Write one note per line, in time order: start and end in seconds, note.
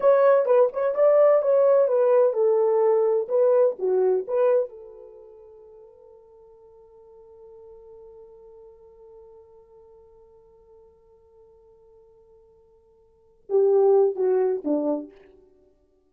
0.00 0.45 C#5
0.45 0.69 B4
0.73 0.94 C#5
0.94 1.42 D5
1.42 1.87 C#5
1.87 2.33 B4
2.33 3.27 A4
3.28 3.75 B4
3.78 4.26 F#4
4.27 4.69 B4
4.69 13.43 A4
13.49 14.15 G4
14.15 14.62 F#4
14.64 15.11 D4